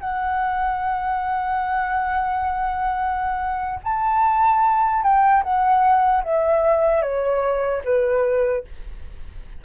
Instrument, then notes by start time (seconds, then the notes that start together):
flute
0.00 F#5
3.84 A5
5.03 G5
5.43 F#5
6.23 E5
7.02 C#5
7.84 B4